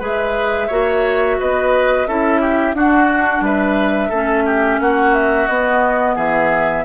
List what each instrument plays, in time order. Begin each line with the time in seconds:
0.00 bassoon G#3, clarinet G#4, oboe B4, flute E5
0.68 bassoon A#3, clarinet F#4, oboe C#5
1.40 bassoon B3, oboe B4, flute D#5
2.07 bassoon C#4, clarinet E4, oboe A4, flute E5
2.41 oboe G4
2.74 bassoon D4, clarinet D4, oboe F#4, flute F#5
3.41 bassoon G3, oboe B4, flute E5
4.09 bassoon A3, clarinet C#4, oboe A4
4.46 oboe G4
4.80 bassoon A#3, oboe F#4, flute F#5
5.14 flute E5
5.48 bassoon B3, clarinet B3, flute D#5
6.15 bassoon E3, oboe G#4, flute E5